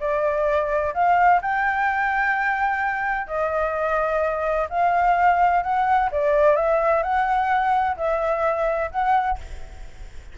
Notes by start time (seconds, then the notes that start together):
0.00 D5
0.94 F5
1.41 G5
3.27 D#5
4.69 F5
5.63 F#5
6.12 D5
6.56 E5
7.03 F#5
7.97 E5
8.91 F#5